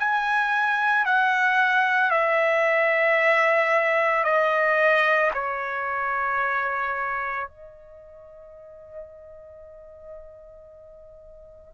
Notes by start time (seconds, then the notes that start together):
0.00 G#5
1.06 F#5
2.11 E5
4.24 D#5
5.34 C#5
7.48 D#5